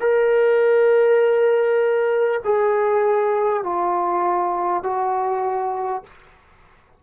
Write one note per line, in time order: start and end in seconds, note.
0.00 2.40 A#4
2.44 3.63 G#4
3.63 4.83 F4
4.83 6.03 F#4